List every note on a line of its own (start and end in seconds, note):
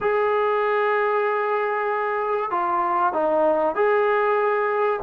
0.00 2.50 G#4
2.51 3.12 F4
3.12 3.75 D#4
3.75 5.00 G#4